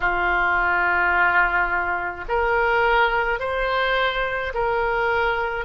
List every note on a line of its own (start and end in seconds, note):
0.00 2.24 F4
2.28 3.39 A#4
3.39 4.52 C5
4.54 5.64 A#4